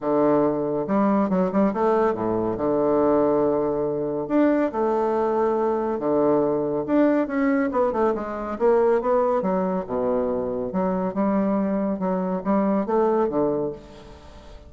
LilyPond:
\new Staff \with { instrumentName = "bassoon" } { \time 4/4 \tempo 4 = 140 d2 g4 fis8 g8 | a4 a,4 d2~ | d2 d'4 a4~ | a2 d2 |
d'4 cis'4 b8 a8 gis4 | ais4 b4 fis4 b,4~ | b,4 fis4 g2 | fis4 g4 a4 d4 | }